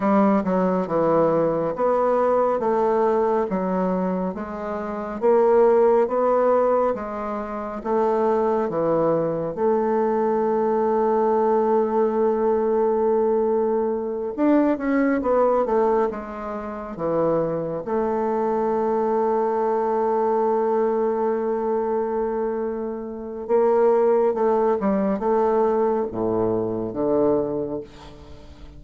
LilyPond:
\new Staff \with { instrumentName = "bassoon" } { \time 4/4 \tempo 4 = 69 g8 fis8 e4 b4 a4 | fis4 gis4 ais4 b4 | gis4 a4 e4 a4~ | a1~ |
a8 d'8 cis'8 b8 a8 gis4 e8~ | e8 a2.~ a8~ | a2. ais4 | a8 g8 a4 a,4 d4 | }